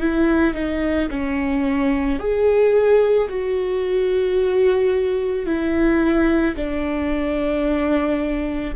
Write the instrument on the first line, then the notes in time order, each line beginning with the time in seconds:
viola
0.00 E4
0.54 D#4
1.10 C#4
2.19 G#4
3.29 F#4
5.46 E4
6.56 D4